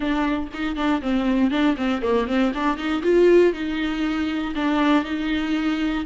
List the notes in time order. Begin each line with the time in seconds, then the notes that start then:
0.00 D4
0.53 D#4
0.75 D4
1.01 C4
1.50 D4
1.76 C4
2.02 A#3
2.27 C4
2.54 D4
2.77 D#4
3.03 F4
3.53 D#4
4.55 D4
5.04 D#4